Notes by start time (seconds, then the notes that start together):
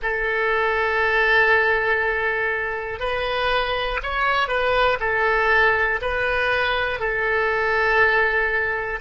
0.02 A4
3.00 B4
4.02 C#5
4.48 B4
5.00 A4
6.01 B4
7.00 A4